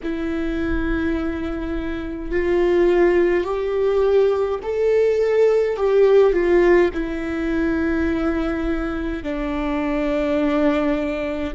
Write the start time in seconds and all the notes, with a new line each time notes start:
0.03 E4
2.31 F4
3.44 G4
4.63 A4
5.76 G4
6.33 F4
6.93 E4
9.23 D4